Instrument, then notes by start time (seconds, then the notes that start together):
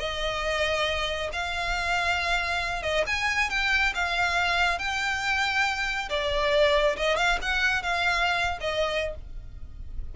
violin
0.00 D#5
1.33 F5
2.83 D#5
3.07 G#5
3.50 G5
3.95 F5
4.79 G5
6.10 D5
6.97 D#5
7.17 F5
7.42 F#5
7.83 F5
8.61 D#5